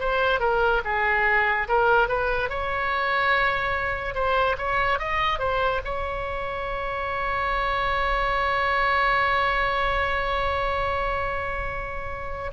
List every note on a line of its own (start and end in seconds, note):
0.00 0.40 C5
0.40 0.81 A#4
0.84 1.68 G#4
1.68 2.08 A#4
2.08 2.50 B4
2.50 4.14 C#5
4.14 4.56 C5
4.58 4.99 C#5
4.99 5.39 D#5
5.39 5.81 C5
5.84 12.51 C#5